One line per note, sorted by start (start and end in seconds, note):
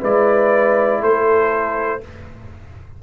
0.00 1.02 G#3
0.00 2.01 E4
0.00 1.00 B4
0.00 1.02 D5
1.00 2.02 A3
1.00 2.00 A4
1.00 2.02 C5